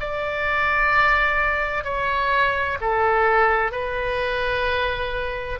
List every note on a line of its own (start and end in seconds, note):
0.00 1.84 D5
1.84 2.78 C#5
2.81 3.72 A4
3.72 5.59 B4